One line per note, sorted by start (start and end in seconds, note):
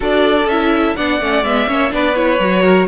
0.00 0.46 D4
0.00 0.44 F#4
0.00 0.96 A4
0.00 0.48 D5
0.46 0.94 C#4
0.46 0.97 E4
0.46 0.96 E5
0.96 1.20 B3
0.96 1.21 D4
0.96 1.68 D5
0.96 1.44 F#5
1.20 1.43 A3
1.20 1.44 C#4
1.43 1.67 G#3
1.43 1.67 B3
1.43 1.92 E5
1.67 1.92 A#3
1.67 1.90 C#4
1.67 1.92 C#5
1.90 2.39 B3
1.90 2.14 D4
1.90 2.62 B4
1.90 2.15 D5
2.15 2.39 E4
2.15 2.87 C#5
2.39 2.87 F#3
2.39 2.87 F#4
2.62 2.87 A#4